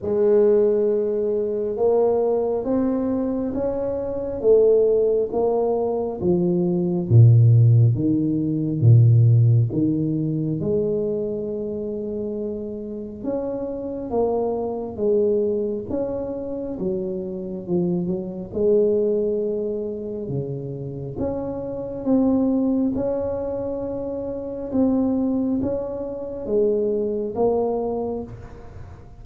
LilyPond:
\new Staff \with { instrumentName = "tuba" } { \time 4/4 \tempo 4 = 68 gis2 ais4 c'4 | cis'4 a4 ais4 f4 | ais,4 dis4 ais,4 dis4 | gis2. cis'4 |
ais4 gis4 cis'4 fis4 | f8 fis8 gis2 cis4 | cis'4 c'4 cis'2 | c'4 cis'4 gis4 ais4 | }